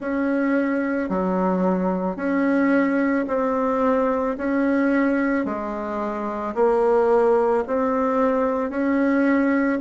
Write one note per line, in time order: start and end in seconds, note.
0.00 1.09 C#4
1.09 2.16 F#3
2.16 3.25 C#4
3.27 4.36 C4
4.37 5.45 C#4
5.45 6.54 G#3
6.55 7.64 A#3
7.67 8.70 C4
8.70 9.79 C#4